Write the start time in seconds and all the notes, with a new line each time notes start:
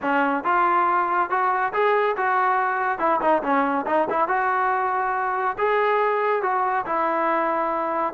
0.02 C#4
0.44 F4
1.30 F#4
1.73 G#4
2.16 F#4
2.99 E4
3.20 D#4
3.42 C#4
3.86 D#4
4.10 E4
4.28 F#4
5.58 G#4
6.42 F#4
6.85 E4